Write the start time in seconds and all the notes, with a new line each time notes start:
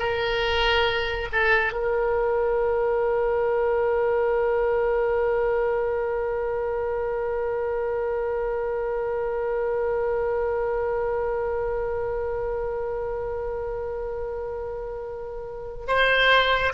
0.00 A#4
1.32 A4
1.73 A#4
15.88 C5